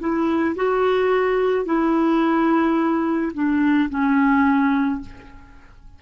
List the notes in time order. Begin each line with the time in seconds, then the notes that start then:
0.00 E4
0.56 F#4
1.66 E4
3.34 D4
3.90 C#4